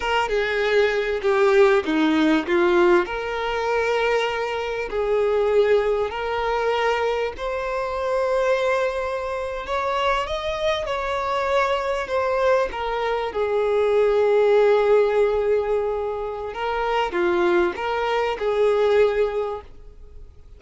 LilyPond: \new Staff \with { instrumentName = "violin" } { \time 4/4 \tempo 4 = 98 ais'8 gis'4. g'4 dis'4 | f'4 ais'2. | gis'2 ais'2 | c''2.~ c''8. cis''16~ |
cis''8. dis''4 cis''2 c''16~ | c''8. ais'4 gis'2~ gis'16~ | gis'2. ais'4 | f'4 ais'4 gis'2 | }